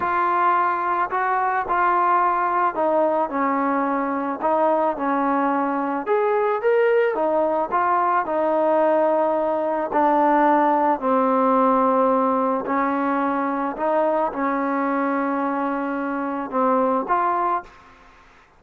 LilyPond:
\new Staff \with { instrumentName = "trombone" } { \time 4/4 \tempo 4 = 109 f'2 fis'4 f'4~ | f'4 dis'4 cis'2 | dis'4 cis'2 gis'4 | ais'4 dis'4 f'4 dis'4~ |
dis'2 d'2 | c'2. cis'4~ | cis'4 dis'4 cis'2~ | cis'2 c'4 f'4 | }